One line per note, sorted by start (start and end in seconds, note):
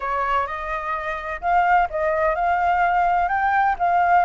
0.00 0.47 C#5
0.47 1.40 D#5
1.41 1.87 F5
1.89 2.35 D#5
2.35 3.28 F5
3.28 3.75 G5
3.78 4.24 F5